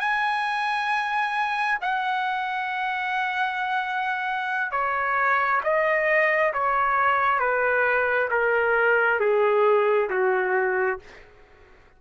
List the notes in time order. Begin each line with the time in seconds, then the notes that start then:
0.00 G#5
1.82 F#5
4.72 C#5
5.64 D#5
6.54 C#5
7.40 B4
8.31 A#4
9.20 G#4
10.10 F#4